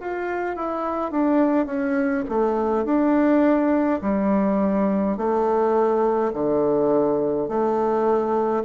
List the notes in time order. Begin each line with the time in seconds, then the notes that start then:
0.00 F4
0.56 E4
1.11 D4
1.66 C#4
2.28 A3
2.85 D4
4.01 G3
5.17 A3
6.33 D3
7.48 A3